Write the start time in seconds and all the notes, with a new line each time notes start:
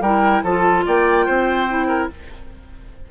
0.00 G3 E4 A#4 G5
0.43 F3 F4 A4 A5
0.86 A#3 D5 G5
1.25 C4 C5
1.68 E4
1.87 A#4